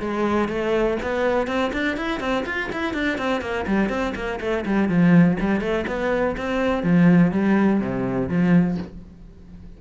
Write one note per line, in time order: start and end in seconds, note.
0.00 0.49 G#3
0.49 0.97 A3
1.02 1.47 B3
1.47 1.72 C4
1.73 1.97 D4
1.97 2.20 E4
2.20 2.44 C4
2.46 2.70 F4
2.72 2.94 E4
2.94 3.18 D4
3.18 3.41 C4
3.41 3.66 A#3
3.67 3.89 G3
3.89 4.14 C4
4.15 4.40 A#3
4.41 4.65 A3
4.66 4.89 G3
4.89 5.37 F3
5.40 5.61 G3
5.61 5.85 A3
5.87 6.36 B3
6.37 6.83 C4
6.83 7.32 F3
7.32 7.80 G3
7.80 8.29 C3
8.29 8.77 F3